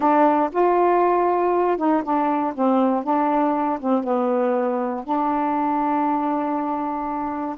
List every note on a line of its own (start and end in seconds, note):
0.00 0.50 D4
0.52 1.77 F4
1.77 2.02 D#4
2.03 2.53 D4
2.54 3.03 C4
3.03 3.79 D4
3.80 4.03 C4
4.03 5.04 B3
5.04 7.56 D4